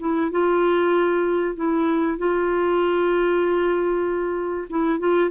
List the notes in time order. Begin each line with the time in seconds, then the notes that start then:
0.00 E4
0.32 F4
1.56 E4
2.18 F4
4.70 E4
5.00 F4